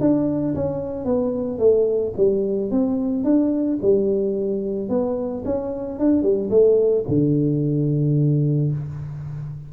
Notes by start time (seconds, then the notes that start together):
0.00 D4
0.55 C#4
1.05 B3
1.59 A3
2.17 G3
2.71 C4
3.24 D4
3.82 G3
4.89 B3
5.45 C#4
5.99 D4
6.23 G3
6.50 A3
7.08 D3